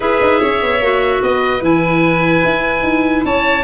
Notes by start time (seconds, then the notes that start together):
0.00 E4 G#4 B4 E5
0.21 D#4
0.40 C#4 C#5
0.62 B3
0.81 A#3 F#4
1.22 B3 B4 D#5
1.60 E3 E4 G#5
2.44 E4
2.83 D#4
3.25 C#4 C#5 A5